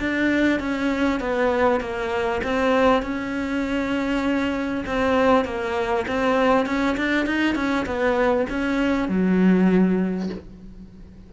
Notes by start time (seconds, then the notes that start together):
0.00 D4
0.60 C#4
1.20 B3
1.81 A#3
2.44 C4
3.02 C#4
4.86 C4
5.45 A#3
6.08 C4
6.66 C#4
6.98 D4
7.26 D#4
7.56 C#4
7.86 B3
8.50 C#4
9.09 F#3